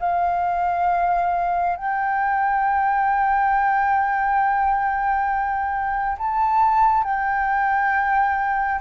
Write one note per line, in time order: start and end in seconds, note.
0.00 1.76 F5
1.76 6.18 G5
6.18 7.04 A5
7.04 8.80 G5